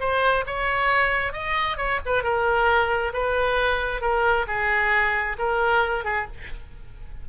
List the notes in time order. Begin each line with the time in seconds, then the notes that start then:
0.00 C5
0.46 C#5
1.33 D#5
1.77 C#5
2.06 B4
2.23 A#4
3.13 B4
4.01 A#4
4.47 G#4
5.38 A#4
6.05 G#4